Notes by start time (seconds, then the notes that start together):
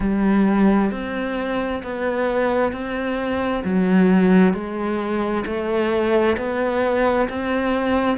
0.00 G3
0.91 C4
1.83 B3
2.72 C4
3.64 F#3
4.53 G#3
5.45 A3
6.37 B3
7.29 C4